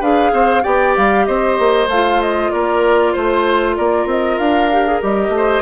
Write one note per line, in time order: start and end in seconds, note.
0.00 0.33 D4
0.00 0.63 G#4
0.00 0.31 B4
0.00 0.64 F5
0.33 0.64 C4
0.33 0.63 C5
0.63 0.97 B3
0.63 1.88 G4
0.63 1.25 D5
0.63 0.95 G5
0.97 1.28 G3
0.97 1.26 F5
1.26 1.59 C4
1.26 2.52 C5
1.26 1.88 D#5
1.59 1.88 A#3
1.88 2.50 A3
1.88 4.72 F4
1.88 2.21 F5
2.21 2.52 D#5
2.52 3.16 A#3
2.52 3.13 A#4
2.52 3.13 D5
3.13 3.79 A3
3.13 3.76 C5
3.76 4.06 A#3
3.76 5.34 A#4
3.76 4.07 D5
4.06 4.38 C4
4.06 4.38 D#5
4.38 5.02 D4
4.38 5.01 F5
4.72 4.87 G4
4.87 5.02 G#4
5.02 5.29 G3
5.02 5.62 G4
5.02 5.62 D#5
5.29 5.61 A3
5.37 5.62 C5